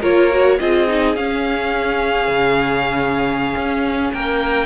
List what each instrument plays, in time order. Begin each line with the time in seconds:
0.00 cello A#3, viola F4, violin A#4 C#5
0.31 viola F#4
0.59 cello C4, viola F4, violin G#4 D#5
0.87 viola D#4
1.16 cello C#4, viola C#4, violin F5
2.28 cello C#3
3.56 cello C#4
4.13 cello A#3, violin A#4 G5